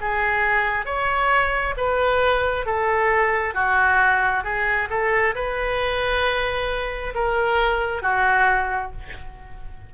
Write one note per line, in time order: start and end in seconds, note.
0.00 0.85 G#4
0.85 1.74 C#5
1.76 2.65 B4
2.65 3.54 A4
3.54 4.43 F#4
4.43 4.88 G#4
4.90 5.34 A4
5.34 7.14 B4
7.14 8.02 A#4
8.02 8.91 F#4